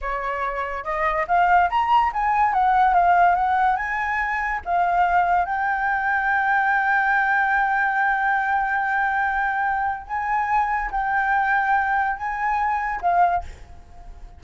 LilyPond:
\new Staff \with { instrumentName = "flute" } { \time 4/4 \tempo 4 = 143 cis''2 dis''4 f''4 | ais''4 gis''4 fis''4 f''4 | fis''4 gis''2 f''4~ | f''4 g''2.~ |
g''1~ | g''1 | gis''2 g''2~ | g''4 gis''2 f''4 | }